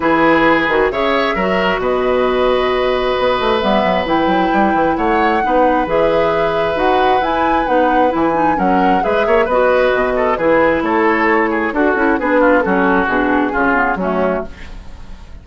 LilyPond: <<
  \new Staff \with { instrumentName = "flute" } { \time 4/4 \tempo 4 = 133 b'2 e''2 | dis''1 | e''4 g''2 fis''4~ | fis''4 e''2 fis''4 |
gis''4 fis''4 gis''4 fis''4 | e''4 dis''2 b'4 | cis''2 a'4 b'4 | a'4 gis'2 fis'4 | }
  \new Staff \with { instrumentName = "oboe" } { \time 4/4 gis'2 cis''4 ais'4 | b'1~ | b'2. cis''4 | b'1~ |
b'2. ais'4 | b'8 cis''8 b'4. a'8 gis'4 | a'4. gis'8 fis'4 gis'8 f'8 | fis'2 f'4 cis'4 | }
  \new Staff \with { instrumentName = "clarinet" } { \time 4/4 e'4. fis'8 gis'4 fis'4~ | fis'1 | b4 e'2. | dis'4 gis'2 fis'4 |
e'4 dis'4 e'8 dis'8 cis'4 | gis'4 fis'2 e'4~ | e'2 fis'8 e'8 d'4 | cis'4 d'4 cis'8 b8 a4 | }
  \new Staff \with { instrumentName = "bassoon" } { \time 4/4 e4. dis8 cis4 fis4 | b,2. b8 a8 | g8 fis8 e8 fis8 g8 e8 a4 | b4 e2 dis'4 |
e'4 b4 e4 fis4 | gis8 ais8 b4 b,4 e4 | a2 d'8 cis'8 b4 | fis4 b,4 cis4 fis4 | }
>>